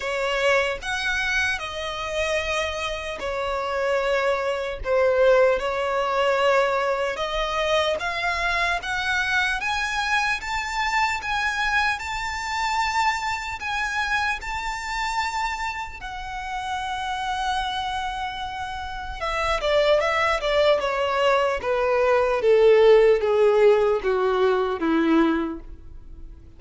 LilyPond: \new Staff \with { instrumentName = "violin" } { \time 4/4 \tempo 4 = 75 cis''4 fis''4 dis''2 | cis''2 c''4 cis''4~ | cis''4 dis''4 f''4 fis''4 | gis''4 a''4 gis''4 a''4~ |
a''4 gis''4 a''2 | fis''1 | e''8 d''8 e''8 d''8 cis''4 b'4 | a'4 gis'4 fis'4 e'4 | }